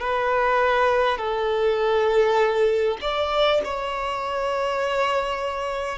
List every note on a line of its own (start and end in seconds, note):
0.00 1.17 B4
1.17 2.97 A4
3.01 3.61 D5
3.64 5.98 C#5